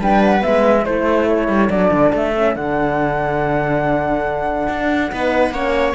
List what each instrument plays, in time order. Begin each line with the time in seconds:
0.00 cello G3, horn D4, viola B4, flute G5
0.24 flute F#5
0.41 cello G#3, horn B3, flute E5
0.85 cello A3, horn E4, viola A4, flute C5
1.28 flute C#5
1.48 cello G3
1.70 cello F#3, horn D4, flute D5
1.91 cello D3
2.13 cello A3, flute E5
2.35 horn C#4
2.55 cello D3, horn D4, flute F#5
4.69 cello D4
5.11 cello B3, horn D#4, viola B4
5.50 cello A#3, horn C#4, viola C#5